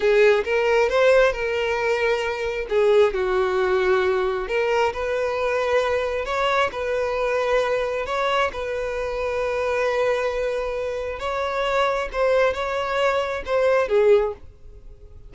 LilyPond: \new Staff \with { instrumentName = "violin" } { \time 4/4 \tempo 4 = 134 gis'4 ais'4 c''4 ais'4~ | ais'2 gis'4 fis'4~ | fis'2 ais'4 b'4~ | b'2 cis''4 b'4~ |
b'2 cis''4 b'4~ | b'1~ | b'4 cis''2 c''4 | cis''2 c''4 gis'4 | }